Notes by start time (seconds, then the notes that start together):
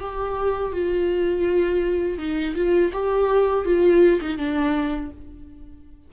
0.00 G4
0.73 F4
2.19 D#4
2.55 F4
2.93 G4
3.66 F4
4.22 D#4
4.38 D4